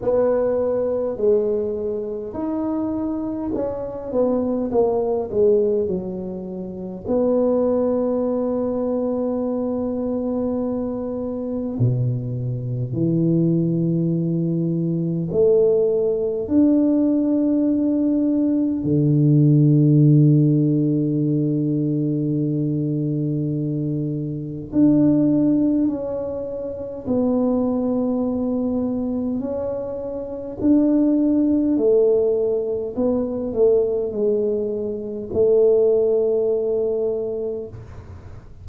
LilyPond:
\new Staff \with { instrumentName = "tuba" } { \time 4/4 \tempo 4 = 51 b4 gis4 dis'4 cis'8 b8 | ais8 gis8 fis4 b2~ | b2 b,4 e4~ | e4 a4 d'2 |
d1~ | d4 d'4 cis'4 b4~ | b4 cis'4 d'4 a4 | b8 a8 gis4 a2 | }